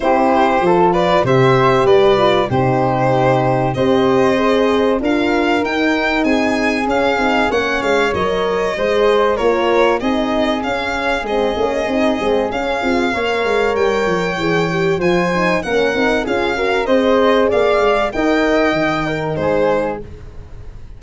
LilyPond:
<<
  \new Staff \with { instrumentName = "violin" } { \time 4/4 \tempo 4 = 96 c''4. d''8 e''4 d''4 | c''2 dis''2 | f''4 g''4 gis''4 f''4 | fis''8 f''8 dis''2 cis''4 |
dis''4 f''4 dis''2 | f''2 g''2 | gis''4 fis''4 f''4 dis''4 | f''4 g''2 c''4 | }
  \new Staff \with { instrumentName = "flute" } { \time 4/4 g'4 a'8 b'8 c''4 b'4 | g'2 c''2 | ais'2 gis'2 | cis''2 c''4 ais'4 |
gis'1~ | gis'4 cis''2. | c''4 ais'4 gis'8 ais'8 c''4 | d''4 dis''4. ais'8 gis'4 | }
  \new Staff \with { instrumentName = "horn" } { \time 4/4 e'4 f'4 g'4. f'8 | dis'2 g'4 gis'4 | f'4 dis'2 cis'8 dis'8 | cis'4 ais'4 gis'4 f'4 |
dis'4 cis'4 c'8 cis'8 dis'8 c'8 | cis'8 f'8 ais'2 gis'8 g'8 | f'8 dis'8 cis'8 dis'8 f'8 fis'8 gis'4~ | gis'4 ais'4 dis'2 | }
  \new Staff \with { instrumentName = "tuba" } { \time 4/4 c'4 f4 c4 g4 | c2 c'2 | d'4 dis'4 c'4 cis'8 c'8 | ais8 gis8 fis4 gis4 ais4 |
c'4 cis'4 gis8 ais8 c'8 gis8 | cis'8 c'8 ais8 gis8 g8 f8 e4 | f4 ais8 c'8 cis'4 c'4 | ais8 gis8 dis'4 dis4 gis4 | }
>>